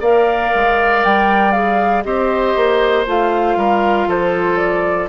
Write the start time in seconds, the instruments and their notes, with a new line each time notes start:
0.00 bassoon A#3, clarinet A#4, oboe D5, flute F5
0.54 bassoon G#3
1.04 bassoon G3, flute G5
1.52 clarinet G#4, flute F5
2.04 bassoon C4, clarinet G4, oboe C5, flute D#5
2.56 bassoon A#3
3.06 bassoon A3, clarinet F4, flute F5
3.56 bassoon G3, oboe A#4
4.07 bassoon F3, oboe A4, flute C5
4.57 flute D5